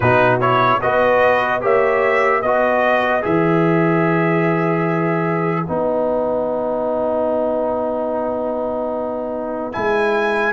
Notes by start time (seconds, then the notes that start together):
0.00 B2 D#4 F#4 B4
0.40 E4 C#5
0.81 B3 F#4 B4 D#5
1.60 A#3 G4 C#5 E5
2.39 B3 B4 D#5
2.45 F#4
3.21 E3 G#4 E5
5.67 B3 D#4 F#5
9.72 G#3 E4 G#5